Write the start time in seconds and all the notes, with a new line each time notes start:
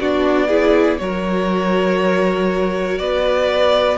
0.00 B3 D4 F#4 D5
0.48 E4 G#4
0.98 F#3 F#4 A#4 C#5
2.98 B3 B4 D5